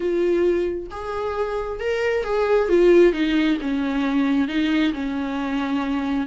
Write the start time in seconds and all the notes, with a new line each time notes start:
0.00 F4
0.90 G#4
1.80 A#4
2.24 G#4
2.68 F4
3.12 D#4
3.61 C#4
4.48 D#4
4.93 C#4